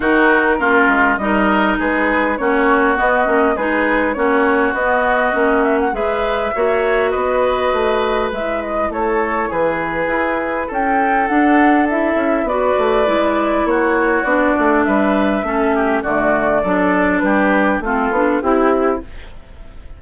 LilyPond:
<<
  \new Staff \with { instrumentName = "flute" } { \time 4/4 \tempo 4 = 101 ais'2 dis''4 b'4 | cis''4 dis''4 b'4 cis''4 | dis''4. e''16 fis''16 e''2 | dis''2 e''8 dis''8 cis''4 |
b'2 g''4 fis''4 | e''4 d''2 cis''4 | d''4 e''2 d''4~ | d''4 b'4 a'4 g'4 | }
  \new Staff \with { instrumentName = "oboe" } { \time 4/4 fis'4 f'4 ais'4 gis'4 | fis'2 gis'4 fis'4~ | fis'2 b'4 cis''4 | b'2. a'4 |
gis'2 a'2~ | a'4 b'2 fis'4~ | fis'4 b'4 a'8 g'8 fis'4 | a'4 g'4 f'4 e'4 | }
  \new Staff \with { instrumentName = "clarinet" } { \time 4/4 dis'4 cis'4 dis'2 | cis'4 b8 cis'8 dis'4 cis'4 | b4 cis'4 gis'4 fis'4~ | fis'2 e'2~ |
e'2. d'4 | e'4 fis'4 e'2 | d'2 cis'4 a4 | d'2 c'8 d'8 e'4 | }
  \new Staff \with { instrumentName = "bassoon" } { \time 4/4 dis4 ais8 gis8 g4 gis4 | ais4 b8 ais8 gis4 ais4 | b4 ais4 gis4 ais4 | b4 a4 gis4 a4 |
e4 e'4 cis'4 d'4~ | d'8 cis'8 b8 a8 gis4 ais4 | b8 a8 g4 a4 d4 | fis4 g4 a8 b8 c'4 | }
>>